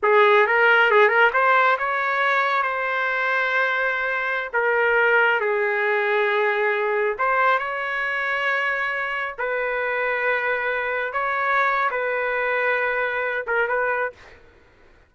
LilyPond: \new Staff \with { instrumentName = "trumpet" } { \time 4/4 \tempo 4 = 136 gis'4 ais'4 gis'8 ais'8 c''4 | cis''2 c''2~ | c''2~ c''16 ais'4.~ ais'16~ | ais'16 gis'2.~ gis'8.~ |
gis'16 c''4 cis''2~ cis''8.~ | cis''4~ cis''16 b'2~ b'8.~ | b'4~ b'16 cis''4.~ cis''16 b'4~ | b'2~ b'8 ais'8 b'4 | }